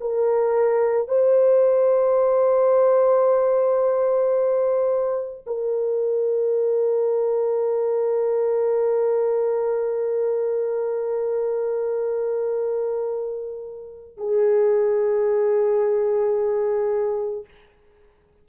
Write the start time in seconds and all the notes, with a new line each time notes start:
0.00 A#4
1.08 C5
5.46 A#4
14.17 G#4